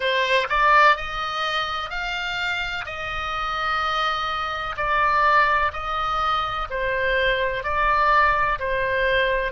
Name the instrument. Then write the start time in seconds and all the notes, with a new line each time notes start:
oboe
0.00 C5
0.48 D5
0.96 D#5
1.90 F5
2.85 D#5
4.76 D5
5.72 D#5
6.69 C5
7.63 D5
8.59 C5